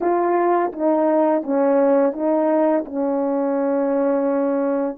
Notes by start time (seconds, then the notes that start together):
0.00 F4
0.72 D#4
1.42 C#4
2.12 D#4
2.85 C#4